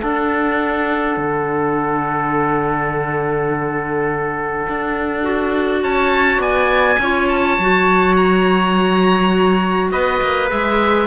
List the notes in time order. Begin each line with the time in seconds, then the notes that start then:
0.00 D4 A4 F#5
1.17 D3
4.69 D4
5.23 F#4
5.83 C#4 C#5 A5
6.39 B3 D5 G#5
6.99 C#4 F4 C#5
7.29 A5
7.58 F#3 F#4
8.16 A#5
9.92 B3 B4 D#5
10.22 A#3
10.50 G#3 G#4 E5